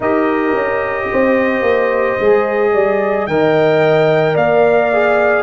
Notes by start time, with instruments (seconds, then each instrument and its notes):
0.00 tuba D#4, trombone G4, horn A#4, trumpet D#5
0.54 tuba C#4
1.10 tuba C4, horn C5
1.61 tuba A#3
2.20 tuba G#3, trombone G#4
2.73 tuba G3, horn D5
3.26 tuba D#3, trombone A#4, horn D#5, trumpet G5
4.34 tuba A#3, horn D5, trumpet F5
4.92 trombone G#4